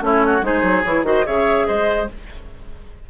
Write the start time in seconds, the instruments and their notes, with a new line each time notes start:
0.00 bassoon A3, clarinet C#4, oboe E4, flute C#5
0.26 oboe F#4
0.41 bassoon G#3, clarinet D#4, oboe G#4, flute C5
0.62 bassoon F#3
0.83 bassoon E3, clarinet E4, flute C#5
1.03 bassoon D#3, clarinet F#4, oboe C5, flute D#5
1.25 bassoon C#3, clarinet G#4, oboe C#5, flute E5
1.67 bassoon G#3, oboe C5, flute D#5